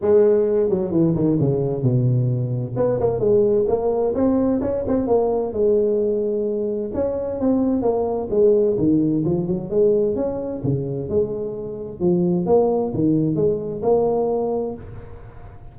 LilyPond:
\new Staff \with { instrumentName = "tuba" } { \time 4/4 \tempo 4 = 130 gis4. fis8 e8 dis8 cis4 | b,2 b8 ais8 gis4 | ais4 c'4 cis'8 c'8 ais4 | gis2. cis'4 |
c'4 ais4 gis4 dis4 | f8 fis8 gis4 cis'4 cis4 | gis2 f4 ais4 | dis4 gis4 ais2 | }